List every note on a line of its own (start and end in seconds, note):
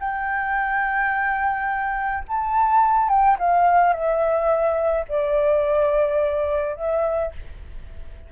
0.00 2.24 G5
2.28 3.09 A5
3.09 3.37 G5
3.39 3.93 F5
3.93 5.05 E5
5.08 6.76 D5
6.76 7.33 E5